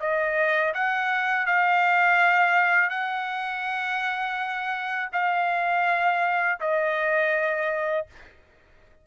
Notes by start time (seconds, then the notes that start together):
0.00 D#5
0.74 F#5
1.46 F5
2.90 F#5
5.13 F5
6.60 D#5